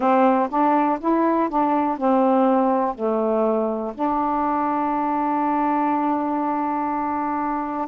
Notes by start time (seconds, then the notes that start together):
0.00 C4
0.49 D4
1.00 E4
1.49 D4
1.97 C4
2.95 A3
3.94 D4